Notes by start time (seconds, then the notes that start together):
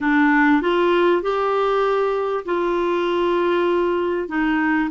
0.01 D4
0.61 F4
1.22 G4
2.45 F4
4.28 D#4